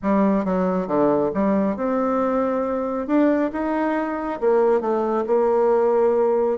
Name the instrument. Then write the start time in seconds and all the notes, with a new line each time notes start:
bassoon
0.02 G3
0.44 F#3
0.87 D3
1.34 G3
1.76 C4
3.07 D4
3.52 D#4
4.40 A#3
4.80 A3
5.27 A#3